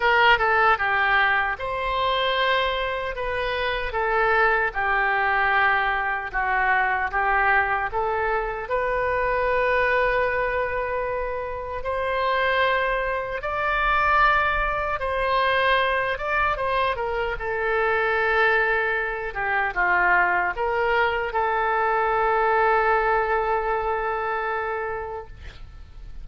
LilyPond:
\new Staff \with { instrumentName = "oboe" } { \time 4/4 \tempo 4 = 76 ais'8 a'8 g'4 c''2 | b'4 a'4 g'2 | fis'4 g'4 a'4 b'4~ | b'2. c''4~ |
c''4 d''2 c''4~ | c''8 d''8 c''8 ais'8 a'2~ | a'8 g'8 f'4 ais'4 a'4~ | a'1 | }